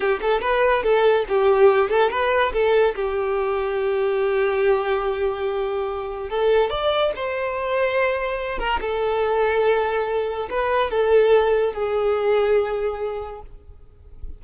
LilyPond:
\new Staff \with { instrumentName = "violin" } { \time 4/4 \tempo 4 = 143 g'8 a'8 b'4 a'4 g'4~ | g'8 a'8 b'4 a'4 g'4~ | g'1~ | g'2. a'4 |
d''4 c''2.~ | c''8 ais'8 a'2.~ | a'4 b'4 a'2 | gis'1 | }